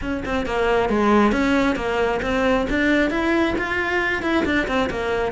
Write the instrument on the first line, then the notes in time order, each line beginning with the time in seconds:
cello
0.01 C#4
0.25 C4
0.45 A#3
0.89 G#3
1.32 C#4
1.75 A#3
2.22 C4
2.69 D4
3.10 E4
3.57 F4
4.22 E4
4.45 D4
4.67 C4
4.90 A#3